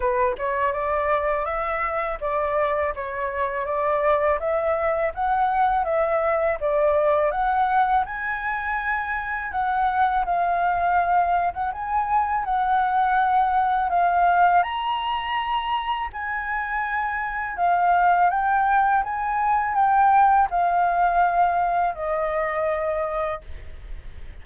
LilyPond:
\new Staff \with { instrumentName = "flute" } { \time 4/4 \tempo 4 = 82 b'8 cis''8 d''4 e''4 d''4 | cis''4 d''4 e''4 fis''4 | e''4 d''4 fis''4 gis''4~ | gis''4 fis''4 f''4.~ f''16 fis''16 |
gis''4 fis''2 f''4 | ais''2 gis''2 | f''4 g''4 gis''4 g''4 | f''2 dis''2 | }